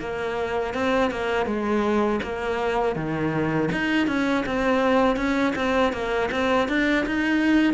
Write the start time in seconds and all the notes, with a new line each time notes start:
0.00 A#3
0.74 C4
1.10 A#3
1.46 G#3
2.22 A#3
2.95 D#3
3.71 D#4
4.07 C#4
4.46 C4
5.16 C#4
5.55 C4
5.93 A#3
6.31 C4
6.68 D4
7.06 D#4